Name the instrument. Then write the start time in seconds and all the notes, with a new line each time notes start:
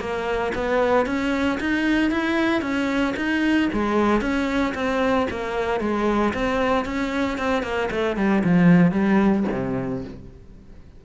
cello
0.00 A#3
0.55 B3
1.06 C#4
1.60 D#4
2.11 E4
2.62 C#4
3.17 D#4
3.73 G#3
4.21 C#4
4.75 C4
5.30 A#3
5.81 G#3
6.34 C4
6.85 C#4
7.38 C4
7.63 A#3
7.91 A3
8.17 G3
8.44 F3
8.92 G3
9.52 C3